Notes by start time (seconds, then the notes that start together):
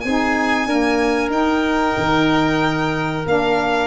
0.00 C4 G#4 G#5
0.06 D#4
0.66 A#3 D4 A#4
1.29 D#4 G5
1.97 D#3
3.26 A#3 D4 F5